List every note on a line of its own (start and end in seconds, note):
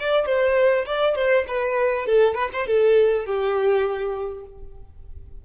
0.00 0.26 D5
0.26 0.85 C5
0.86 1.15 D5
1.15 1.45 C5
1.48 2.07 B4
2.07 2.35 A4
2.35 2.50 B4
2.53 2.67 C5
2.67 3.26 A4
3.26 4.45 G4